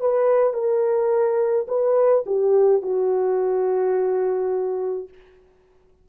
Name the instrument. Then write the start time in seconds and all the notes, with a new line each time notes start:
horn
0.00 B4
0.54 A#4
1.68 B4
2.26 G4
2.82 F#4